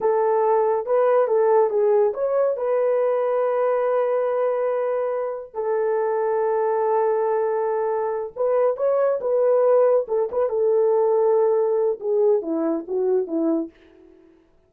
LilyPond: \new Staff \with { instrumentName = "horn" } { \time 4/4 \tempo 4 = 140 a'2 b'4 a'4 | gis'4 cis''4 b'2~ | b'1~ | b'4 a'2.~ |
a'2.~ a'8 b'8~ | b'8 cis''4 b'2 a'8 | b'8 a'2.~ a'8 | gis'4 e'4 fis'4 e'4 | }